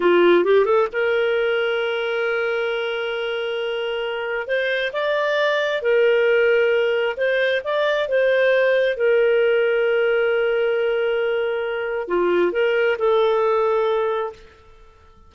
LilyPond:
\new Staff \with { instrumentName = "clarinet" } { \time 4/4 \tempo 4 = 134 f'4 g'8 a'8 ais'2~ | ais'1~ | ais'2 c''4 d''4~ | d''4 ais'2. |
c''4 d''4 c''2 | ais'1~ | ais'2. f'4 | ais'4 a'2. | }